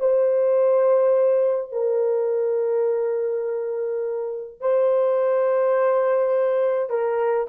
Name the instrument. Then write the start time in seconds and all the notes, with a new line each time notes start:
horn
0.00 C5
1.73 A#4
4.61 C5
6.90 A#4